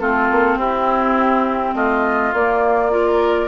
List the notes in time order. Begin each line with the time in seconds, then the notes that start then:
0.00 A3 C4 F4 A4
0.31 A#3
0.57 C4 E4 G4
1.75 A3 F4 D#5
2.33 A#3 D5
2.91 F4 A#4